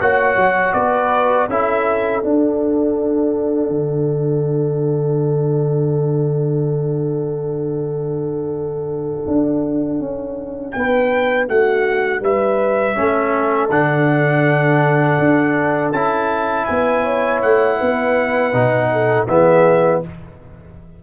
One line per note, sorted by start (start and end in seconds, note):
0.00 0.36 A#3
0.00 1.48 F#4
0.00 0.74 C#5
0.00 0.73 F#5
0.36 0.73 F#3
0.73 1.48 B3
0.73 1.49 B4
0.73 1.47 D5
1.48 2.22 C#4
1.48 2.22 E4
1.48 10.76 A4
1.48 2.24 E5
2.22 12.95 D4
2.22 3.69 D4
2.22 10.71 F#5
3.69 9.25 D3
9.27 9.99 D4
9.99 10.73 C#4
10.71 11.49 B3
10.71 11.48 B4
10.71 11.45 G5
11.48 12.20 A3
11.48 12.21 F#4
11.48 12.23 F#5
12.20 12.94 G3
12.20 12.96 B4
12.20 13.70 E5
12.95 13.70 A3
12.95 13.69 C#4
12.95 16.66 A4
13.70 15.18 D3
13.70 15.94 D4
13.70 15.92 F#5
15.19 15.92 D4
15.92 16.66 C#4
15.92 18.53 E4
15.92 16.65 A5
16.65 17.43 B3
16.65 17.02 B4
16.65 17.40 G#5
17.02 17.77 C#5
17.41 17.80 A3
17.41 19.26 F#5
17.77 18.53 B3
17.77 18.89 B4
18.53 19.27 B2
18.53 19.27 D#4
18.92 19.29 A4
19.27 20.02 E3
19.27 20.02 B3
19.27 20.03 G#4
19.27 20.01 E5